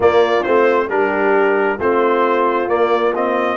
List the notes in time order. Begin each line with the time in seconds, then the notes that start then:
0.00 A#3 F4 D5
0.43 A3 C4 C5
0.88 G3 D4 G4 A#4
1.78 A3 C4 F4 C5
2.68 A#3 D5
3.15 C4 D#5